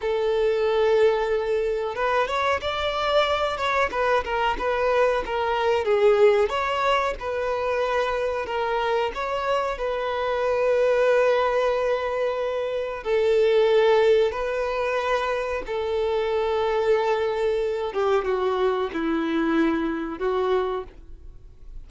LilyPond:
\new Staff \with { instrumentName = "violin" } { \time 4/4 \tempo 4 = 92 a'2. b'8 cis''8 | d''4. cis''8 b'8 ais'8 b'4 | ais'4 gis'4 cis''4 b'4~ | b'4 ais'4 cis''4 b'4~ |
b'1 | a'2 b'2 | a'2.~ a'8 g'8 | fis'4 e'2 fis'4 | }